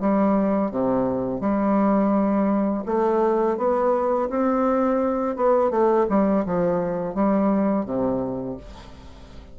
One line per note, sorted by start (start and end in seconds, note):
0.00 0.71 G3
0.71 1.41 C3
1.41 2.83 G3
2.86 3.57 A3
3.57 4.29 B3
4.30 5.36 C4
5.36 5.71 B3
5.71 6.06 A3
6.09 6.45 G3
6.45 7.15 F3
7.15 7.85 G3
7.85 8.57 C3